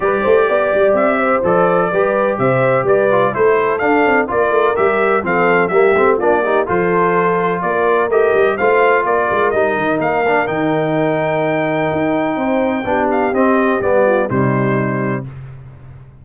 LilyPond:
<<
  \new Staff \with { instrumentName = "trumpet" } { \time 4/4 \tempo 4 = 126 d''2 e''4 d''4~ | d''4 e''4 d''4 c''4 | f''4 d''4 e''4 f''4 | e''4 d''4 c''2 |
d''4 dis''4 f''4 d''4 | dis''4 f''4 g''2~ | g''2.~ g''8 f''8 | dis''4 d''4 c''2 | }
  \new Staff \with { instrumentName = "horn" } { \time 4/4 b'8 c''8 d''4. c''4. | b'4 c''4 b'4 a'4~ | a'4 ais'2 a'4 | g'4 f'8 g'8 a'2 |
ais'2 c''4 ais'4~ | ais'1~ | ais'2 c''4 g'4~ | g'4. f'8 dis'2 | }
  \new Staff \with { instrumentName = "trombone" } { \time 4/4 g'2. a'4 | g'2~ g'8 f'8 e'4 | d'4 f'4 g'4 c'4 | ais8 c'8 d'8 dis'8 f'2~ |
f'4 g'4 f'2 | dis'4. d'8 dis'2~ | dis'2. d'4 | c'4 b4 g2 | }
  \new Staff \with { instrumentName = "tuba" } { \time 4/4 g8 a8 b8 g8 c'4 f4 | g4 c4 g4 a4 | d'8 c'8 ais8 a8 g4 f4 | g8 a8 ais4 f2 |
ais4 a8 g8 a4 ais8 gis8 | g8 dis8 ais4 dis2~ | dis4 dis'4 c'4 b4 | c'4 g4 c2 | }
>>